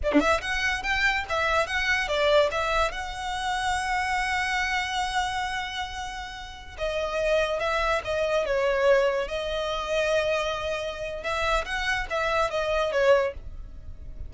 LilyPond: \new Staff \with { instrumentName = "violin" } { \time 4/4 \tempo 4 = 144 d''16 d'16 e''8 fis''4 g''4 e''4 | fis''4 d''4 e''4 fis''4~ | fis''1~ | fis''1~ |
fis''16 dis''2 e''4 dis''8.~ | dis''16 cis''2 dis''4.~ dis''16~ | dis''2. e''4 | fis''4 e''4 dis''4 cis''4 | }